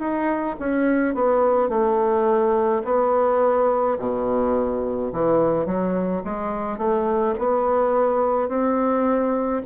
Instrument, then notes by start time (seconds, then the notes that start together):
bassoon
0.00 D#4
0.60 C#4
1.15 B3
1.69 A3
2.85 B3
3.99 B2
5.14 E3
5.66 F#3
6.25 G#3
6.78 A3
7.39 B3
8.49 C4